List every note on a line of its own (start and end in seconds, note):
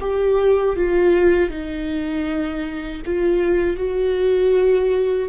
0.00 0.76 G4
0.76 1.50 F4
1.50 3.02 D#4
3.05 3.77 F4
3.77 5.29 F#4